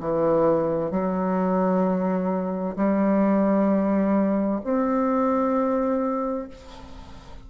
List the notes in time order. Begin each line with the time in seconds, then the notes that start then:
0.00 E3
0.91 F#3
2.76 G3
4.64 C4